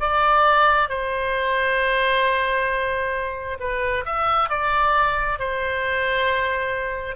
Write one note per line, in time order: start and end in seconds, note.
0.00 0.89 D5
0.89 3.58 C5
3.60 4.05 B4
4.05 4.49 E5
4.49 5.39 D5
5.39 7.16 C5